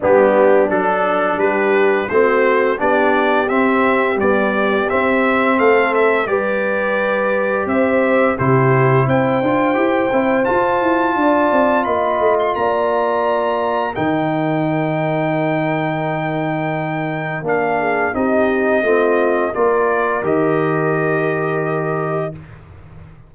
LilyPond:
<<
  \new Staff \with { instrumentName = "trumpet" } { \time 4/4 \tempo 4 = 86 g'4 a'4 b'4 c''4 | d''4 e''4 d''4 e''4 | f''8 e''8 d''2 e''4 | c''4 g''2 a''4~ |
a''4 b''8. c'''16 ais''2 | g''1~ | g''4 f''4 dis''2 | d''4 dis''2. | }
  \new Staff \with { instrumentName = "horn" } { \time 4/4 d'2 g'4 fis'4 | g'1 | a'4 b'2 c''4 | g'4 c''2. |
d''4 dis''4 d''2 | ais'1~ | ais'4. gis'8 g'4 f'4 | ais'1 | }
  \new Staff \with { instrumentName = "trombone" } { \time 4/4 b4 d'2 c'4 | d'4 c'4 g4 c'4~ | c'4 g'2. | e'4. f'8 g'8 e'8 f'4~ |
f'1 | dis'1~ | dis'4 d'4 dis'4 c'4 | f'4 g'2. | }
  \new Staff \with { instrumentName = "tuba" } { \time 4/4 g4 fis4 g4 a4 | b4 c'4 b4 c'4 | a4 g2 c'4 | c4 c'8 d'8 e'8 c'8 f'8 e'8 |
d'8 c'8 ais8 a8 ais2 | dis1~ | dis4 ais4 c'4 a4 | ais4 dis2. | }
>>